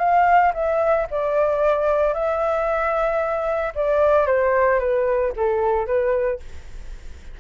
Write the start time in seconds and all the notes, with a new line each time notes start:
0.00 F5
0.54 E5
1.11 D5
2.14 E5
3.75 D5
4.27 C5
4.80 B4
5.37 A4
5.87 B4